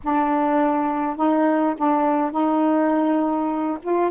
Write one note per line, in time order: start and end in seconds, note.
0.03 1.16 D4
1.16 1.75 D#4
1.77 2.31 D4
2.31 3.78 D#4
3.82 4.11 F4